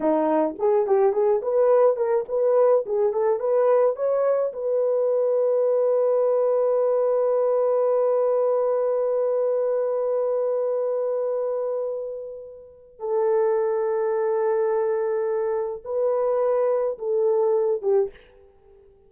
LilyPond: \new Staff \with { instrumentName = "horn" } { \time 4/4 \tempo 4 = 106 dis'4 gis'8 g'8 gis'8 b'4 ais'8 | b'4 gis'8 a'8 b'4 cis''4 | b'1~ | b'1~ |
b'1~ | b'2. a'4~ | a'1 | b'2 a'4. g'8 | }